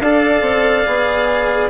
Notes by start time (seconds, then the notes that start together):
0.00 D4 A4 D5 F5
0.41 C4
0.85 B3 G#4